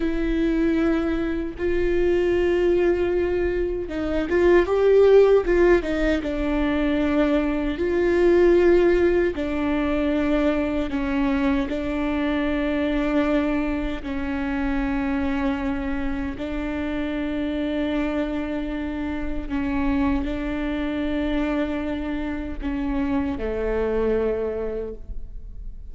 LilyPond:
\new Staff \with { instrumentName = "viola" } { \time 4/4 \tempo 4 = 77 e'2 f'2~ | f'4 dis'8 f'8 g'4 f'8 dis'8 | d'2 f'2 | d'2 cis'4 d'4~ |
d'2 cis'2~ | cis'4 d'2.~ | d'4 cis'4 d'2~ | d'4 cis'4 a2 | }